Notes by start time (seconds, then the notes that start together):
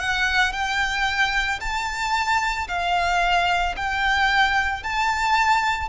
0.00 F#5
0.53 G5
1.61 A5
2.68 F5
3.76 G5
4.83 A5